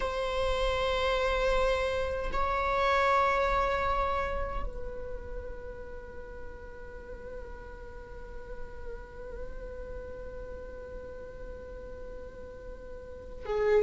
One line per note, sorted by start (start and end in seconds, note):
0.00 2.31 C5
2.33 4.63 C#5
4.63 13.45 B4
13.45 13.83 G#4